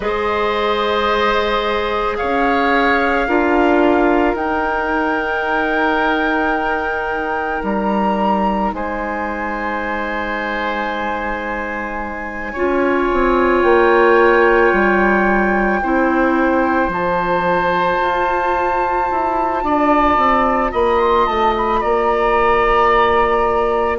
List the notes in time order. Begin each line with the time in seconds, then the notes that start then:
0.00 G#3 G#4 C5 D#5
2.17 C#4 C#5 F5
3.27 D4 F4 A#4
4.33 D#4 G5
7.63 G3 A#5
8.72 G#3 C5 G#5
12.52 C#4 F4 C#5
13.12 C4
13.62 A#3 G5
14.72 G3
15.82 C4 E4 C5
16.88 F3 F4 A5
18.00 F4
19.10 E4
19.63 D4 D5
20.17 C4
20.71 A#3 D#5 B5
20.99 C6
21.26 A3 A5
21.57 B5
21.80 A#3 D5 A#5